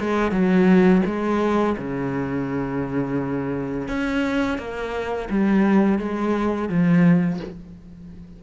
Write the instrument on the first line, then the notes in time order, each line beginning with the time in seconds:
cello
0.00 G#3
0.32 F#3
1.06 G#3
1.78 C#3
3.89 C#4
4.58 A#3
5.30 G3
5.99 G#3
6.70 F3